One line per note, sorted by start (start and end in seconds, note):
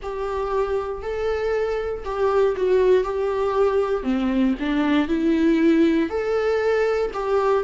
0.02 1.02 G4
1.02 2.03 A4
2.04 2.55 G4
2.56 3.04 F#4
3.04 4.03 G4
4.03 4.53 C4
4.59 5.08 D4
5.08 6.09 E4
6.09 7.11 A4
7.13 7.64 G4